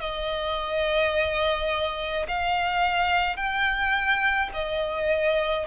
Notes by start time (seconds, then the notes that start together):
0.00 D#5
2.28 F5
3.37 G5
4.54 D#5